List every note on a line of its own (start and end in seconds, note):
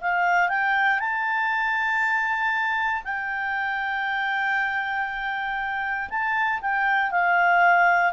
0.00 0.49 F5
0.49 0.99 G5
0.99 3.02 A5
3.04 6.09 G5
6.09 6.60 A5
6.61 7.11 G5
7.11 8.13 F5